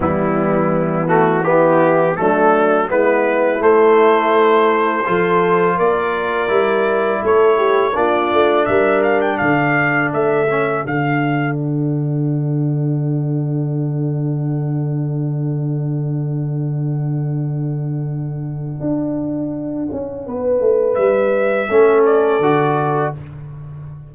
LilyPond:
<<
  \new Staff \with { instrumentName = "trumpet" } { \time 4/4 \tempo 4 = 83 e'4. fis'8 g'4 a'4 | b'4 c''2. | d''2 cis''4 d''4 | e''8 f''16 g''16 f''4 e''4 f''4 |
fis''1~ | fis''1~ | fis''1~ | fis''4 e''4. d''4. | }
  \new Staff \with { instrumentName = "horn" } { \time 4/4 b2 e'4 d'4 | e'2. a'4 | ais'2 a'8 g'8 f'4 | ais'4 a'2.~ |
a'1~ | a'1~ | a'1 | b'2 a'2 | }
  \new Staff \with { instrumentName = "trombone" } { \time 4/4 g4. a8 b4 a4 | b4 a2 f'4~ | f'4 e'2 d'4~ | d'2~ d'8 cis'8 d'4~ |
d'1~ | d'1~ | d'1~ | d'2 cis'4 fis'4 | }
  \new Staff \with { instrumentName = "tuba" } { \time 4/4 e2. fis4 | gis4 a2 f4 | ais4 g4 a4 ais8 a8 | g4 d4 a4 d4~ |
d1~ | d1~ | d2 d'4. cis'8 | b8 a8 g4 a4 d4 | }
>>